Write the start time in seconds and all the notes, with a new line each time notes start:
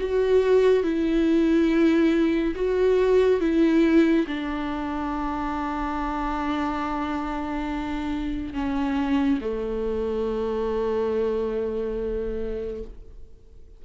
0.00 F#4
0.84 E4
2.56 F#4
3.41 E4
4.27 D4
8.54 C#4
9.41 A3